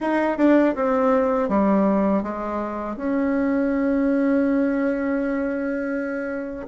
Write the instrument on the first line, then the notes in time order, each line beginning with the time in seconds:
bassoon
0.00 D#4
0.37 D4
0.75 C4
1.48 G3
2.22 G#3
2.96 C#4